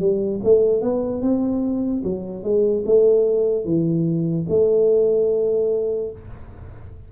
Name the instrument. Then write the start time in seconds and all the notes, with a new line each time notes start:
tuba
0.00 G3
0.44 A3
0.82 B3
1.22 C4
2.04 F#3
2.43 G#3
2.86 A3
3.65 E3
4.49 A3